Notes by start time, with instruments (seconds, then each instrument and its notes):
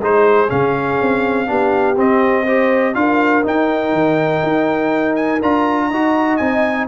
0.00 tuba G#3, trombone D#4, horn G#4, trumpet C5
0.48 tuba C#3, trombone C#4, trumpet F5
1.01 tuba C4
1.46 tuba B3, trombone D4, horn G4
1.97 tuba C4, trombone C4, trumpet D#5
2.44 trombone G4, horn C5
2.94 tuba D4, trombone F4, horn A#4, trumpet F5
3.42 trombone D#4, tuba D#4, trumpet G5
3.92 tuba D#3
4.43 tuba D#4
5.15 trumpet G#5
5.42 tuba D4, trombone F4, trumpet A#5
5.88 tuba D#4, trombone F#4, horn D#5
6.37 tuba C4, trombone D#4, trumpet G#5